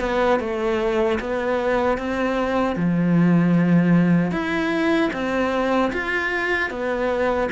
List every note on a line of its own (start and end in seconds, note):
0.00 0.39 B3
0.40 1.19 A3
1.20 1.98 B3
1.98 2.76 C4
2.76 4.31 F3
4.31 5.10 E4
5.13 5.92 C4
5.93 6.70 F4
6.70 7.49 B3